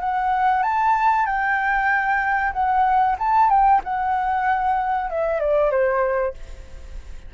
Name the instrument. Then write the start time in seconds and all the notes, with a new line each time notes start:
flute
0.00 F#5
0.63 A5
1.26 G5
2.53 F#5
3.19 A5
3.50 G5
3.84 F#5
5.10 E5
5.40 D5
5.70 C5